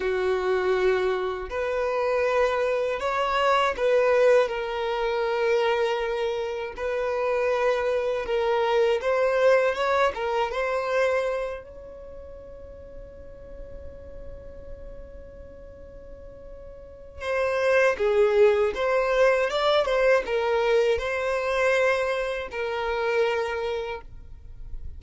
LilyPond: \new Staff \with { instrumentName = "violin" } { \time 4/4 \tempo 4 = 80 fis'2 b'2 | cis''4 b'4 ais'2~ | ais'4 b'2 ais'4 | c''4 cis''8 ais'8 c''4. cis''8~ |
cis''1~ | cis''2. c''4 | gis'4 c''4 d''8 c''8 ais'4 | c''2 ais'2 | }